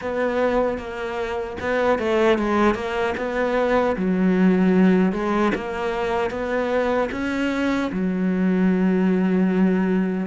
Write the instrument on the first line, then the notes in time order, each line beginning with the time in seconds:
cello
0.01 B3
0.78 A#3
1.60 B3
1.98 A3
2.38 G#3
2.74 A#3
3.17 B3
3.96 F#3
5.12 G#3
5.54 A#3
6.30 B3
7.11 C#4
7.92 F#3